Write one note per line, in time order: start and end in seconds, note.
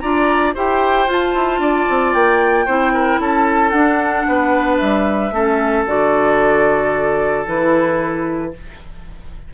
0.00 0.56 D4
0.00 0.55 F4
0.00 0.55 D5
0.00 0.53 A#5
0.55 1.08 E4
0.55 1.08 G4
0.55 1.61 C5
0.55 1.11 G5
1.08 1.34 F4
1.08 2.68 F4
1.08 2.14 A5
1.35 1.59 E4
1.59 1.85 D4
1.59 2.66 D5
1.89 2.14 C4
2.14 2.67 A#3
2.14 3.20 G5
2.66 3.20 C4
2.66 3.72 E4
2.66 2.93 C5
2.94 3.21 A#4
3.20 3.72 C#4
3.20 4.27 A4
3.20 3.70 A5
3.70 5.31 D4
3.70 4.26 D4
3.70 4.76 F#5
4.28 4.81 B3
4.28 5.35 B4
4.78 5.32 G3
4.78 5.84 E5
5.32 5.85 A3
5.32 5.87 C#4
5.32 8.53 A4
5.87 7.47 D3
5.87 7.47 F#4
5.87 7.47 D5
7.47 8.54 E3
7.47 8.53 E4
7.47 8.54 B4